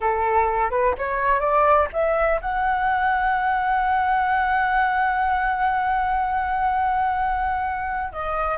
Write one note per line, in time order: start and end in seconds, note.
0.01 0.70 A4
0.70 0.94 B4
0.98 1.40 C#5
1.40 1.87 D5
1.92 2.40 E5
2.41 8.12 F#5
8.12 8.57 D#5